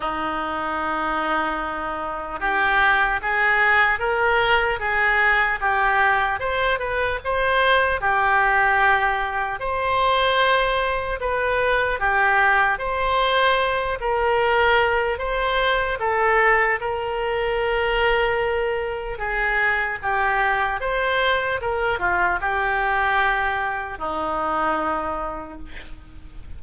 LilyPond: \new Staff \with { instrumentName = "oboe" } { \time 4/4 \tempo 4 = 75 dis'2. g'4 | gis'4 ais'4 gis'4 g'4 | c''8 b'8 c''4 g'2 | c''2 b'4 g'4 |
c''4. ais'4. c''4 | a'4 ais'2. | gis'4 g'4 c''4 ais'8 f'8 | g'2 dis'2 | }